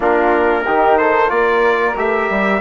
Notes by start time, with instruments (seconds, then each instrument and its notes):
0.00 bassoon A#3, trombone D4, flute F4, trumpet A#4
0.65 bassoon D#3, trombone D#4, flute G4
0.97 flute A4, trumpet C5
1.27 bassoon A#3, trombone F4, flute A#4, trumpet D5
1.95 bassoon A3, trombone G4, trumpet E5
2.29 bassoon G3